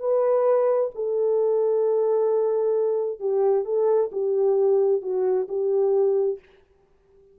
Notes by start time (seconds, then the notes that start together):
0.00 B4
0.95 A4
3.20 G4
3.65 A4
4.12 G4
5.02 F#4
5.49 G4